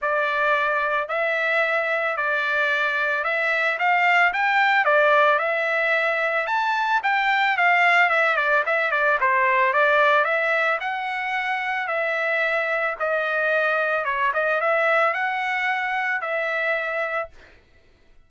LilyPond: \new Staff \with { instrumentName = "trumpet" } { \time 4/4 \tempo 4 = 111 d''2 e''2 | d''2 e''4 f''4 | g''4 d''4 e''2 | a''4 g''4 f''4 e''8 d''8 |
e''8 d''8 c''4 d''4 e''4 | fis''2 e''2 | dis''2 cis''8 dis''8 e''4 | fis''2 e''2 | }